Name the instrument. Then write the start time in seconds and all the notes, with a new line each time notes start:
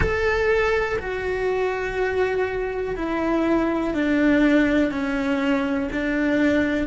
cello
0.00 A4
0.98 F#4
2.96 E4
3.93 D4
4.91 C#4
5.92 D4